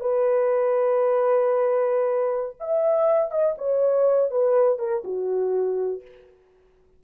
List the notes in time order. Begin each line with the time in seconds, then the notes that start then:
0.00 B4
2.59 E5
3.31 D#5
3.57 C#5
4.30 B4
4.78 A#4
5.04 F#4